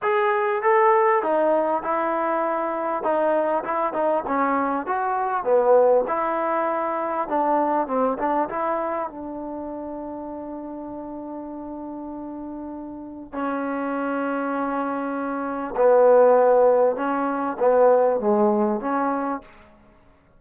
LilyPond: \new Staff \with { instrumentName = "trombone" } { \time 4/4 \tempo 4 = 99 gis'4 a'4 dis'4 e'4~ | e'4 dis'4 e'8 dis'8 cis'4 | fis'4 b4 e'2 | d'4 c'8 d'8 e'4 d'4~ |
d'1~ | d'2 cis'2~ | cis'2 b2 | cis'4 b4 gis4 cis'4 | }